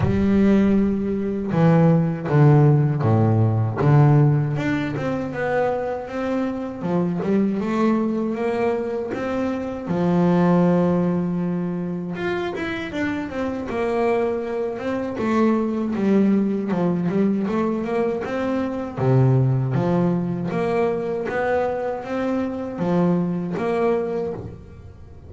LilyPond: \new Staff \with { instrumentName = "double bass" } { \time 4/4 \tempo 4 = 79 g2 e4 d4 | a,4 d4 d'8 c'8 b4 | c'4 f8 g8 a4 ais4 | c'4 f2. |
f'8 e'8 d'8 c'8 ais4. c'8 | a4 g4 f8 g8 a8 ais8 | c'4 c4 f4 ais4 | b4 c'4 f4 ais4 | }